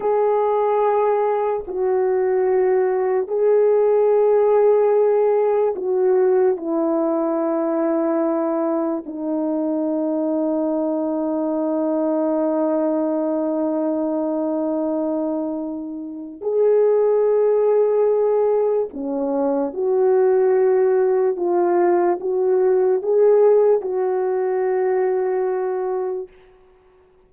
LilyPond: \new Staff \with { instrumentName = "horn" } { \time 4/4 \tempo 4 = 73 gis'2 fis'2 | gis'2. fis'4 | e'2. dis'4~ | dis'1~ |
dis'1 | gis'2. cis'4 | fis'2 f'4 fis'4 | gis'4 fis'2. | }